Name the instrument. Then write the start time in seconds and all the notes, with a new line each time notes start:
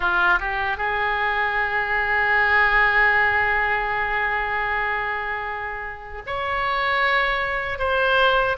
oboe
0.00 F4
0.39 G4
0.77 G#4
6.26 C#5
7.79 C5